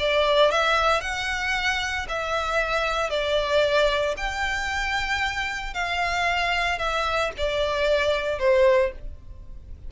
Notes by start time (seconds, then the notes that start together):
0.00 D5
0.51 E5
1.02 F#5
2.09 E5
3.10 D5
4.17 G5
5.74 F5
6.79 E5
7.38 D5
8.39 C5